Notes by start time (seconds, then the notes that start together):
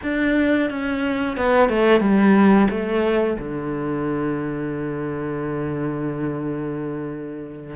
0.02 D4
0.70 C#4
1.36 B3
1.69 A3
2.00 G3
2.70 A3
3.38 D3